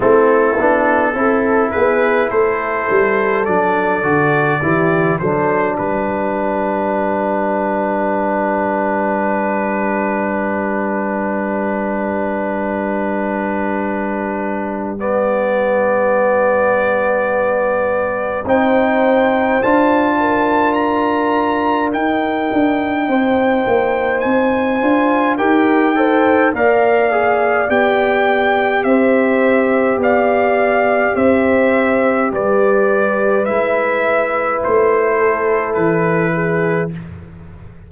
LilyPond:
<<
  \new Staff \with { instrumentName = "trumpet" } { \time 4/4 \tempo 4 = 52 a'4. b'8 c''4 d''4~ | d''8 c''8 b'2.~ | b'1~ | b'4 d''2. |
g''4 a''4 ais''4 g''4~ | g''4 gis''4 g''4 f''4 | g''4 e''4 f''4 e''4 | d''4 e''4 c''4 b'4 | }
  \new Staff \with { instrumentName = "horn" } { \time 4/4 e'4 a'8 gis'8 a'2 | g'8 a'8 g'2.~ | g'1~ | g'1 |
c''4. ais'2~ ais'8 | c''2 ais'8 c''8 d''4~ | d''4 c''4 d''4 c''4 | b'2~ b'8 a'4 gis'8 | }
  \new Staff \with { instrumentName = "trombone" } { \time 4/4 c'8 d'8 e'2 d'8 fis'8 | e'8 d'2.~ d'8~ | d'1~ | d'4 b2. |
dis'4 f'2 dis'4~ | dis'4. f'8 g'8 a'8 ais'8 gis'8 | g'1~ | g'4 e'2. | }
  \new Staff \with { instrumentName = "tuba" } { \time 4/4 a8 b8 c'8 b8 a8 g8 fis8 d8 | e8 fis8 g2.~ | g1~ | g1 |
c'4 d'2 dis'8 d'8 | c'8 ais8 c'8 d'8 dis'4 ais4 | b4 c'4 b4 c'4 | g4 gis4 a4 e4 | }
>>